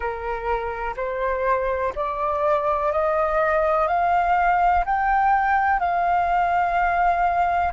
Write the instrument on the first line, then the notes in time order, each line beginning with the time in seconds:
flute
0.00 A#4
0.96 C5
1.95 D5
2.92 D#5
3.87 F5
4.85 G5
5.79 F5